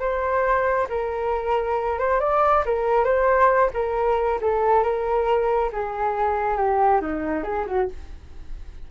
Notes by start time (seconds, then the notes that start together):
0.00 C5
0.90 A#4
1.99 C5
2.21 D5
2.66 A#4
3.05 C5
3.74 A#4
4.42 A4
4.84 A#4
5.73 G#4
6.58 G4
7.02 D#4
7.44 G#4
7.67 F#4